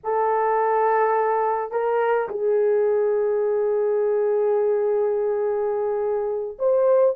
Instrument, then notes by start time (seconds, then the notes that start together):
horn
0.03 A4
1.71 A#4
2.29 G#4
6.58 C5